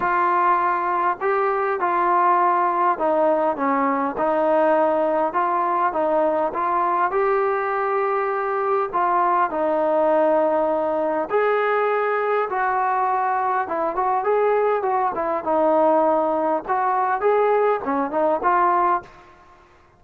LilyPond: \new Staff \with { instrumentName = "trombone" } { \time 4/4 \tempo 4 = 101 f'2 g'4 f'4~ | f'4 dis'4 cis'4 dis'4~ | dis'4 f'4 dis'4 f'4 | g'2. f'4 |
dis'2. gis'4~ | gis'4 fis'2 e'8 fis'8 | gis'4 fis'8 e'8 dis'2 | fis'4 gis'4 cis'8 dis'8 f'4 | }